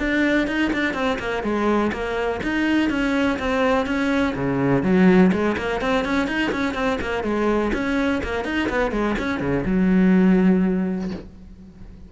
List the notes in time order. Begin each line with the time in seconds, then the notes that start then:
0.00 D4
0.48 D#4
0.73 D4
0.94 C4
1.19 A#3
1.43 G#3
1.93 A#3
2.43 D#4
2.90 C#4
3.40 C4
3.86 C#4
4.36 C#3
4.83 F#3
5.32 G#3
5.58 A#3
5.81 C4
6.05 C#4
6.28 D#4
6.52 C#4
6.75 C4
7.02 A#3
7.24 G#3
7.74 C#4
8.24 A#3
8.45 D#4
8.70 B3
8.92 G#3
9.19 C#4
9.40 C#3
9.66 F#3